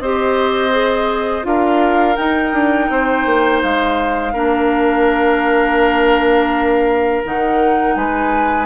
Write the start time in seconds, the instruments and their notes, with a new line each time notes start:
0.00 bassoon C4, clarinet G4, oboe C5, flute D#5
0.71 clarinet G#4
1.43 bassoon D4, clarinet F4, oboe A#4, flute F5
2.16 clarinet D#4, bassoon D#4, flute G5
2.53 bassoon D4
2.90 bassoon C4, oboe C5
3.26 bassoon A#3
3.62 bassoon G#3, flute F5
4.33 bassoon A#3, clarinet D4, oboe A#4
7.24 bassoon D#3, clarinet D#4, flute F#5
7.96 bassoon G#3, oboe B4, flute G#5